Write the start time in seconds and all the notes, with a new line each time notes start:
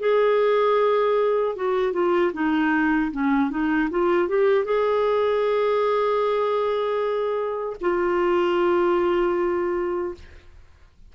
0.00 G#4
1.56 F#4
1.93 F4
2.33 D#4
3.12 C#4
3.51 D#4
3.91 F4
4.29 G4
4.65 G#4
7.81 F4